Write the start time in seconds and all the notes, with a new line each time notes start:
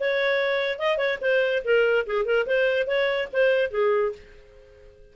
0.00 C#5
0.79 D#5
0.98 C#5
1.21 C5
1.64 A#4
2.07 G#4
2.25 A#4
2.46 C5
2.87 C#5
3.33 C5
3.71 G#4